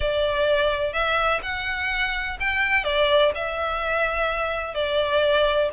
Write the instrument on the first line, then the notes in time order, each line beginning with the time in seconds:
violin
0.00 D5
0.93 E5
1.42 F#5
2.39 G5
2.84 D5
3.34 E5
4.74 D5